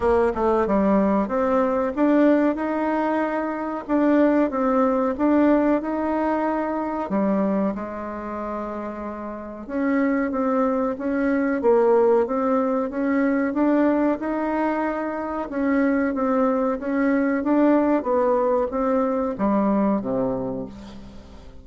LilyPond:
\new Staff \with { instrumentName = "bassoon" } { \time 4/4 \tempo 4 = 93 ais8 a8 g4 c'4 d'4 | dis'2 d'4 c'4 | d'4 dis'2 g4 | gis2. cis'4 |
c'4 cis'4 ais4 c'4 | cis'4 d'4 dis'2 | cis'4 c'4 cis'4 d'4 | b4 c'4 g4 c4 | }